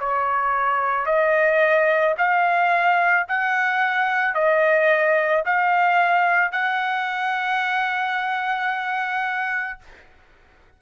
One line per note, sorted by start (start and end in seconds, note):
0.00 1.07 C#5
1.07 2.16 D#5
2.18 3.27 F5
3.29 4.35 F#5
4.35 5.44 D#5
5.46 6.52 F5
6.52 9.79 F#5